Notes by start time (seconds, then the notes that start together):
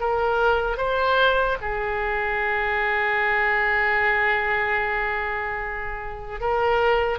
0.00 A#4
0.77 C5
1.61 G#4
6.40 A#4